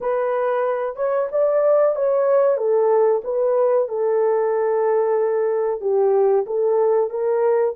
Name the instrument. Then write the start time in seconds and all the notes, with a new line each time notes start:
horn
0.00 B4
0.95 C#5
1.31 D5
1.95 C#5
2.57 A4
3.23 B4
3.88 A4
5.80 G4
6.46 A4
7.10 A#4